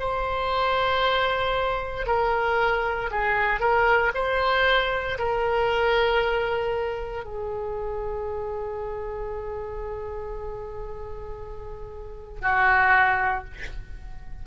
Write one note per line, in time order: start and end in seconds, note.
0.00 2.07 C5
2.07 3.10 A#4
3.11 3.60 G#4
3.60 4.11 A#4
4.14 5.18 C5
5.19 7.25 A#4
7.25 12.41 G#4
12.41 13.45 F#4